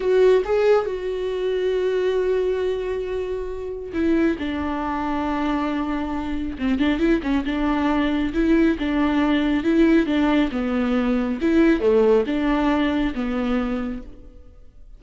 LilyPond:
\new Staff \with { instrumentName = "viola" } { \time 4/4 \tempo 4 = 137 fis'4 gis'4 fis'2~ | fis'1~ | fis'4 e'4 d'2~ | d'2. c'8 d'8 |
e'8 cis'8 d'2 e'4 | d'2 e'4 d'4 | b2 e'4 a4 | d'2 b2 | }